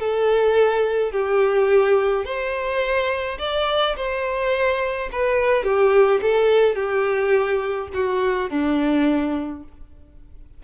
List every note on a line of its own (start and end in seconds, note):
0.00 1.12 A4
1.12 2.25 G4
2.25 3.39 C5
3.40 3.96 D5
3.97 5.10 C5
5.13 5.64 B4
5.64 6.21 G4
6.22 6.76 A4
6.76 7.89 G4
7.94 8.50 F#4
8.50 9.64 D4